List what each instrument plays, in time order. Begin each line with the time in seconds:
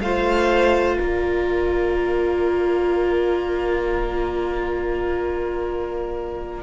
0.00 cello A3, viola F4, violin C5 F5
0.98 cello A#3, violin A#4 D5